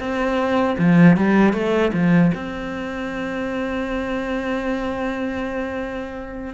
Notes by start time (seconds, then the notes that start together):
0.00 C4
0.79 F3
1.17 G3
1.53 A3
1.93 F3
2.35 C4